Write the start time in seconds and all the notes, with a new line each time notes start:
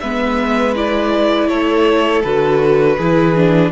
0.00 G#3 B3 B4 E5
0.75 E4 D5
1.48 A3 A4 C#5
2.23 D3 F#4 B4
2.97 E3 E4 G#4
3.36 D4